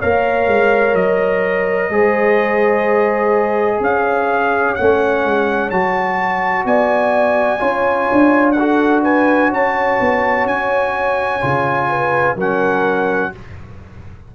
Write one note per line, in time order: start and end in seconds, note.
0.00 0.47 A#3
0.00 1.92 A#4
0.00 1.90 C#5
0.00 0.95 F5
0.47 0.95 G#3
0.95 1.90 F#3
0.95 3.81 D#5
1.90 3.81 G#3
1.90 4.77 G#4
1.90 3.81 C5
3.81 4.76 C#4
3.81 6.67 C#5
3.81 4.75 F5
4.75 5.26 A3
4.75 5.73 C#4
4.75 5.70 F#5
5.26 5.71 G#3
5.71 6.66 F#3
5.71 7.60 F#4
5.71 6.66 A5
6.66 7.61 B3
6.66 7.60 D5
6.66 8.53 G#5
7.60 8.10 C#4
7.60 8.55 F4
7.60 8.55 C#5
8.12 9.52 D4
8.53 9.04 A4
8.53 9.00 F#5
8.60 11.42 F#4
9.04 9.50 B4
9.04 9.52 G#5
9.50 10.00 C#4
9.50 11.88 C#5
9.50 10.48 A5
10.01 10.46 B3
10.46 11.41 C#4
10.46 12.38 G#5
11.42 12.37 C#3
11.42 12.37 F4
11.90 12.36 B4
12.36 13.32 F#3
12.36 13.33 C#4
12.36 13.32 A#4
12.36 13.36 F#5